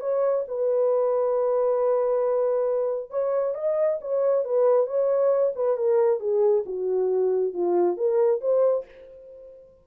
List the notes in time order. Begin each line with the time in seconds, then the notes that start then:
0.00 C#5
0.48 B4
3.10 C#5
3.54 D#5
4.00 C#5
4.44 B4
4.86 C#5
5.55 B4
5.77 A#4
6.19 G#4
6.65 F#4
7.53 F4
7.97 A#4
8.40 C5